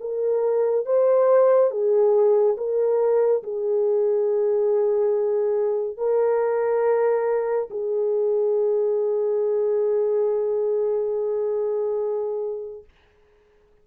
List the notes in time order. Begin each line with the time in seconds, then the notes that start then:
0.00 A#4
0.85 C5
1.70 G#4
2.57 A#4
3.43 G#4
5.97 A#4
7.70 G#4